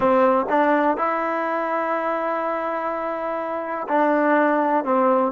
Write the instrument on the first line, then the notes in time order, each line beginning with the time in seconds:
trombone
0.00 C4
0.49 D4
0.97 E4
3.88 D4
4.84 C4